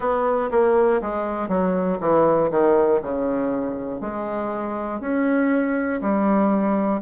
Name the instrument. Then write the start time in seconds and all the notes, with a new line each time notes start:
bassoon
0.00 B3
0.50 A#3
1.01 G#3
1.48 F#3
2.00 E3
2.50 D#3
3.01 C#3
4.00 G#3
5.00 C#4
6.00 G3